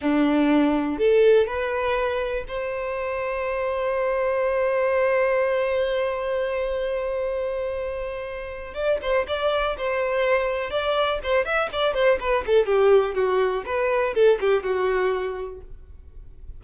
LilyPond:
\new Staff \with { instrumentName = "violin" } { \time 4/4 \tempo 4 = 123 d'2 a'4 b'4~ | b'4 c''2.~ | c''1~ | c''1~ |
c''2 d''8 c''8 d''4 | c''2 d''4 c''8 e''8 | d''8 c''8 b'8 a'8 g'4 fis'4 | b'4 a'8 g'8 fis'2 | }